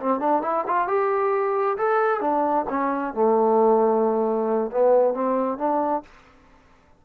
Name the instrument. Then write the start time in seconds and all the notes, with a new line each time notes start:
trombone
0.00 C4
0.20 D4
0.42 E4
0.67 F4
0.88 G4
1.78 A4
2.21 D4
2.69 C#4
3.14 A3
4.71 B3
5.14 C4
5.58 D4